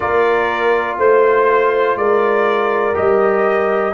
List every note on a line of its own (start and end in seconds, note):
0.00 0.98 A#3
0.00 2.93 F4
0.00 0.98 A#4
0.00 0.97 D5
0.98 1.95 A3
0.98 1.97 C5
1.95 2.93 G#3
1.95 3.93 A#4
1.95 2.95 D5
2.93 3.93 G3
2.93 3.92 G4
2.93 3.93 D#5